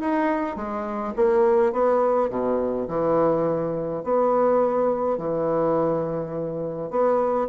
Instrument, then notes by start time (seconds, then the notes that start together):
bassoon
0.00 D#4
0.56 G#3
1.16 A#3
1.73 B3
2.30 B2
2.88 E3
4.04 B3
5.18 E3
6.90 B3